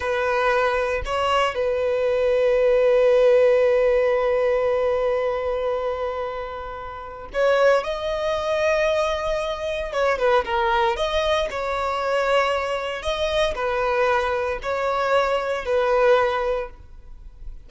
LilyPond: \new Staff \with { instrumentName = "violin" } { \time 4/4 \tempo 4 = 115 b'2 cis''4 b'4~ | b'1~ | b'1~ | b'2 cis''4 dis''4~ |
dis''2. cis''8 b'8 | ais'4 dis''4 cis''2~ | cis''4 dis''4 b'2 | cis''2 b'2 | }